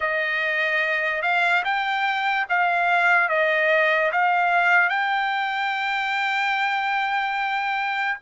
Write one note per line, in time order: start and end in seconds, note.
0.00 1.22 D#5
1.22 1.63 F5
1.64 2.46 G5
2.49 3.29 F5
3.29 4.11 D#5
4.12 4.89 F5
4.89 8.17 G5